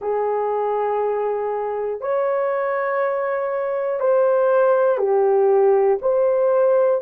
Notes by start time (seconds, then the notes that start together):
0.00 G#4
2.00 C#5
4.00 C5
4.98 G4
6.01 C5